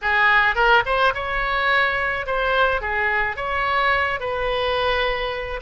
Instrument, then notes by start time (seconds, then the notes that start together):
oboe
0.01 G#4
0.55 A#4
0.85 C5
1.14 C#5
2.26 C5
2.81 G#4
3.36 C#5
4.20 B4